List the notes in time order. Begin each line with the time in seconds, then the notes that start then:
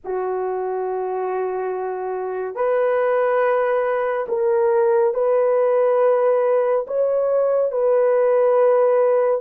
0.04 F#4
2.55 B4
4.28 A#4
5.14 B4
6.86 C#5
7.71 B4